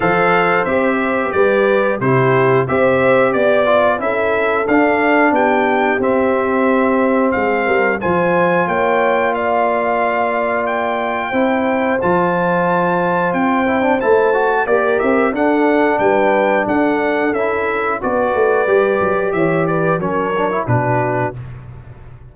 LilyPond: <<
  \new Staff \with { instrumentName = "trumpet" } { \time 4/4 \tempo 4 = 90 f''4 e''4 d''4 c''4 | e''4 d''4 e''4 f''4 | g''4 e''2 f''4 | gis''4 g''4 f''2 |
g''2 a''2 | g''4 a''4 d''8 e''8 fis''4 | g''4 fis''4 e''4 d''4~ | d''4 e''8 d''8 cis''4 b'4 | }
  \new Staff \with { instrumentName = "horn" } { \time 4/4 c''2 b'4 g'4 | c''4 d''4 a'2 | g'2. gis'8 ais'8 | c''4 cis''4 d''2~ |
d''4 c''2.~ | c''2 ais'4 a'4 | b'4 a'2 b'4~ | b'4 cis''8 b'8 ais'4 fis'4 | }
  \new Staff \with { instrumentName = "trombone" } { \time 4/4 a'4 g'2 e'4 | g'4. f'8 e'4 d'4~ | d'4 c'2. | f'1~ |
f'4 e'4 f'2~ | f'8 e'16 d'16 e'8 fis'8 g'4 d'4~ | d'2 e'4 fis'4 | g'2 cis'8 d'16 e'16 d'4 | }
  \new Staff \with { instrumentName = "tuba" } { \time 4/4 f4 c'4 g4 c4 | c'4 b4 cis'4 d'4 | b4 c'2 gis8 g8 | f4 ais2.~ |
ais4 c'4 f2 | c'4 a4 ais8 c'8 d'4 | g4 d'4 cis'4 b8 a8 | g8 fis8 e4 fis4 b,4 | }
>>